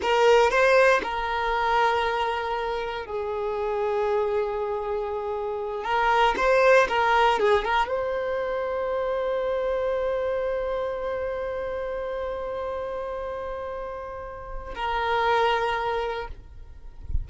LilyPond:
\new Staff \with { instrumentName = "violin" } { \time 4/4 \tempo 4 = 118 ais'4 c''4 ais'2~ | ais'2 gis'2~ | gis'2.~ gis'8 ais'8~ | ais'8 c''4 ais'4 gis'8 ais'8 c''8~ |
c''1~ | c''1~ | c''1~ | c''4 ais'2. | }